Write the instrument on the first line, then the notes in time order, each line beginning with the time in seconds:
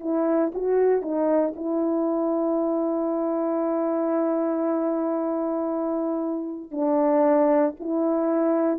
horn
0.00 E4
0.54 F#4
1.02 D#4
1.55 E4
6.71 D4
7.79 E4